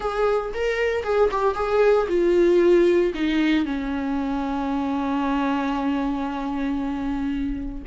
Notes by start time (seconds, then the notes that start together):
0.00 G#4
0.54 A#4
1.03 G#4
1.31 G4
1.55 G#4
2.08 F4
3.14 D#4
3.65 C#4